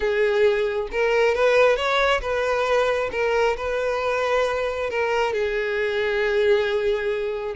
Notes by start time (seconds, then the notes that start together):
0.00 G#4
0.91 A#4
1.34 B4
1.76 C#5
2.21 B4
3.11 A#4
3.57 B4
4.89 A#4
5.33 G#4